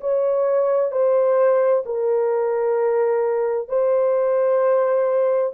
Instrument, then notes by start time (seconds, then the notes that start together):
horn
0.00 C#5
0.91 C5
1.85 A#4
3.68 C5